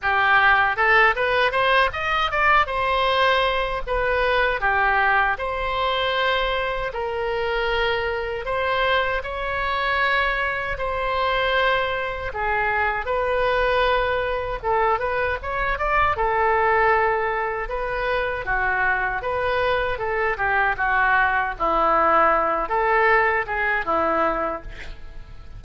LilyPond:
\new Staff \with { instrumentName = "oboe" } { \time 4/4 \tempo 4 = 78 g'4 a'8 b'8 c''8 dis''8 d''8 c''8~ | c''4 b'4 g'4 c''4~ | c''4 ais'2 c''4 | cis''2 c''2 |
gis'4 b'2 a'8 b'8 | cis''8 d''8 a'2 b'4 | fis'4 b'4 a'8 g'8 fis'4 | e'4. a'4 gis'8 e'4 | }